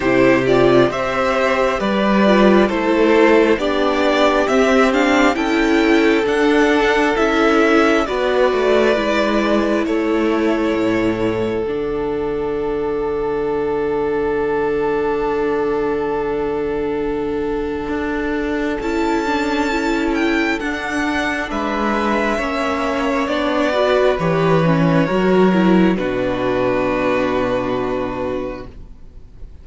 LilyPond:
<<
  \new Staff \with { instrumentName = "violin" } { \time 4/4 \tempo 4 = 67 c''8 d''8 e''4 d''4 c''4 | d''4 e''8 f''8 g''4 fis''4 | e''4 d''2 cis''4~ | cis''4 fis''2.~ |
fis''1~ | fis''4 a''4. g''8 fis''4 | e''2 d''4 cis''4~ | cis''4 b'2. | }
  \new Staff \with { instrumentName = "violin" } { \time 4/4 g'4 c''4 b'4 a'4 | g'2 a'2~ | a'4 b'2 a'4~ | a'1~ |
a'1~ | a'1 | b'4 cis''4. b'4. | ais'4 fis'2. | }
  \new Staff \with { instrumentName = "viola" } { \time 4/4 e'8 f'8 g'4. f'8 e'4 | d'4 c'8 d'8 e'4 d'4 | e'4 fis'4 e'2~ | e'4 d'2.~ |
d'1~ | d'4 e'8 d'8 e'4 d'4~ | d'4 cis'4 d'8 fis'8 g'8 cis'8 | fis'8 e'8 d'2. | }
  \new Staff \with { instrumentName = "cello" } { \time 4/4 c4 c'4 g4 a4 | b4 c'4 cis'4 d'4 | cis'4 b8 a8 gis4 a4 | a,4 d2.~ |
d1 | d'4 cis'2 d'4 | gis4 ais4 b4 e4 | fis4 b,2. | }
>>